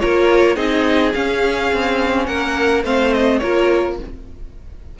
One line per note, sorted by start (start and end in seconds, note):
0.00 0.57 A#3
0.00 0.56 F4
0.00 0.56 A#4
0.00 0.56 C#5
0.56 1.13 C4
0.56 1.13 D#4
0.56 2.26 G#4
0.56 1.13 D#5
1.14 2.85 C#4
1.14 1.73 C#4
1.14 2.27 F5
1.73 2.28 C4
2.27 2.84 A#3
2.27 2.84 A#4
2.27 2.83 F#5
2.84 3.41 A3
2.84 3.42 C4
2.84 3.41 C5
2.84 3.14 F5
3.14 3.39 D#5
3.39 4.00 A#3
3.39 4.00 F4
3.39 3.99 A#4
3.39 3.96 C#5